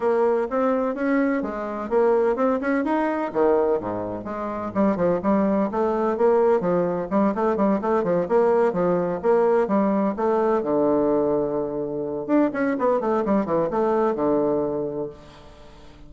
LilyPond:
\new Staff \with { instrumentName = "bassoon" } { \time 4/4 \tempo 4 = 127 ais4 c'4 cis'4 gis4 | ais4 c'8 cis'8 dis'4 dis4 | gis,4 gis4 g8 f8 g4 | a4 ais4 f4 g8 a8 |
g8 a8 f8 ais4 f4 ais8~ | ais8 g4 a4 d4.~ | d2 d'8 cis'8 b8 a8 | g8 e8 a4 d2 | }